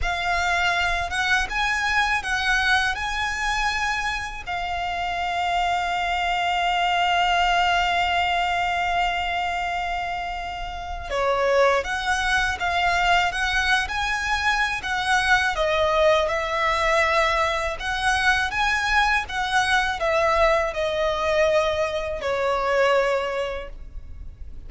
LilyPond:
\new Staff \with { instrumentName = "violin" } { \time 4/4 \tempo 4 = 81 f''4. fis''8 gis''4 fis''4 | gis''2 f''2~ | f''1~ | f''2. cis''4 |
fis''4 f''4 fis''8. gis''4~ gis''16 | fis''4 dis''4 e''2 | fis''4 gis''4 fis''4 e''4 | dis''2 cis''2 | }